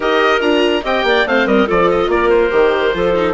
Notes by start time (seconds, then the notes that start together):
0.00 D#4 G4 A#4 D#5
0.40 D4 F4 A#5
0.83 C4 G4 D#5 G5
1.03 A#3 D5
1.26 A3 C4 C5 F5
1.45 G3 A#4 D#5
1.66 F3 F4 A4 D5
1.90 D#5
2.08 A#3 A#4 D5
2.29 C5
2.50 D#3 G4
2.94 F3 F4 A4
3.15 D#4